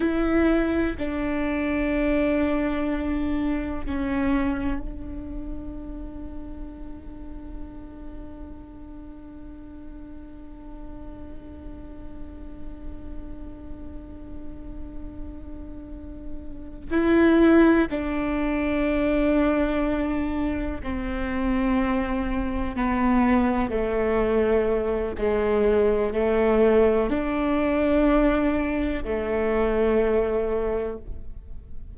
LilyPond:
\new Staff \with { instrumentName = "viola" } { \time 4/4 \tempo 4 = 62 e'4 d'2. | cis'4 d'2.~ | d'1~ | d'1~ |
d'4. e'4 d'4.~ | d'4. c'2 b8~ | b8 a4. gis4 a4 | d'2 a2 | }